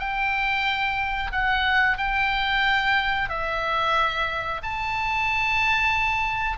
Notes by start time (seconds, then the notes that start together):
0.00 G5
1.32 F#5
1.98 G5
3.30 E5
4.63 A5